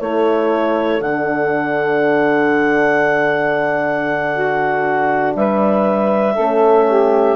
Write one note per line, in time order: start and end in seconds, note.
0.00 1.00 A3
0.00 1.02 E4
0.00 4.33 A4
0.00 1.01 C#5
1.00 5.33 D3
1.00 6.36 D4
1.00 5.34 F#5
4.33 5.35 F#4
5.36 6.37 G3
5.36 6.33 B4
5.36 7.36 E5
6.33 7.36 A3
6.33 7.36 C#4
6.33 6.84 A4
6.88 7.36 G4